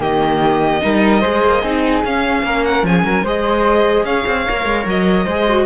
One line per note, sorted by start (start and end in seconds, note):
0.00 0.81 D#3
0.00 0.81 A#3
0.00 0.82 G4
0.00 2.04 D#5
0.81 1.25 G3
0.81 1.22 D#4
0.81 1.21 A#4
1.21 1.45 G#3
1.21 1.63 G#4
1.21 1.62 C5
1.45 1.63 A#3
1.62 2.04 C4
1.62 2.04 D#4
1.62 2.43 G#4
2.04 2.43 C#4
2.04 3.26 C#4
2.04 2.65 F5
2.43 2.84 A#3
2.43 2.87 A#4
2.65 2.86 F#5
2.84 3.04 F3
2.84 3.05 G#4
2.84 3.27 G#5
3.04 3.23 F#3
3.04 3.24 A#4
3.23 4.04 G#3
3.23 4.47 G#4
3.23 4.05 C5
3.23 4.05 D#5
4.04 4.25 C#4
4.04 5.25 C#5
4.04 4.86 F5
4.27 4.47 C4
4.47 4.66 A#3
4.47 5.28 A#4
4.66 4.86 G#3
4.86 5.26 F#3
4.86 5.67 D#5
5.25 5.67 G#3
5.25 5.49 G#4
5.25 5.66 C5
5.49 5.67 F#4